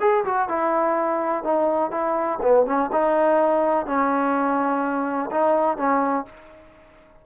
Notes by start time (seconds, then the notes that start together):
0.00 G#4
0.25 F#4
0.49 E4
1.44 D#4
1.91 E4
2.42 B3
2.66 C#4
2.92 D#4
3.86 C#4
5.31 D#4
5.77 C#4